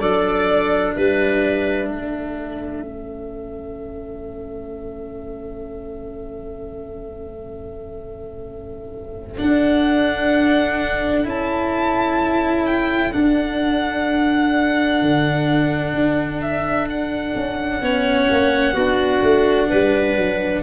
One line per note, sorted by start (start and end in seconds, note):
0.00 0.96 F#3
0.00 2.82 D4
0.00 0.94 A4
0.00 0.94 D5
0.94 1.89 G3
0.94 1.88 B4
0.94 9.38 E5
1.88 9.39 A3
1.88 17.82 A4
2.82 9.38 C#4
9.38 11.25 D4
9.38 11.26 D4
9.38 11.26 F#5
11.25 13.13 C#4
11.25 13.12 E4
11.25 12.66 A5
12.66 13.13 G5
13.13 17.82 D4
13.13 15.02 D4
13.13 16.41 F#5
15.02 15.94 D3
15.94 17.34 D4
16.41 16.88 E5
16.90 20.63 F#5
17.36 17.82 C#4
17.82 18.29 B3
17.82 18.76 C#4
17.82 18.74 C#5
18.31 18.75 A#3
18.74 19.22 B3
18.74 20.63 D4
18.74 19.68 F#4
19.22 19.69 A3
19.69 20.17 G3
19.69 20.63 B4
20.17 20.63 F#3